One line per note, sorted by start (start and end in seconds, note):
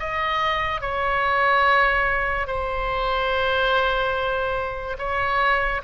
0.00 0.81 D#5
0.81 2.47 C#5
2.47 4.97 C5
4.98 5.82 C#5